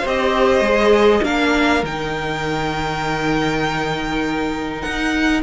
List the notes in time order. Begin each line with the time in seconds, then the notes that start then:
0.00 C4 G4 C5
0.07 D#5
0.60 G#3 G#4
1.22 A#3 D4 A#4 F5
1.82 D#3 D#4 G5
4.82 D#4 F#5